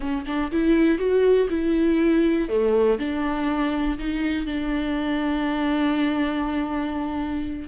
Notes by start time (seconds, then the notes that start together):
0.00 C#4
0.26 D4
0.51 E4
0.98 F#4
1.49 E4
2.49 A3
2.99 D4
3.98 D#4
4.46 D4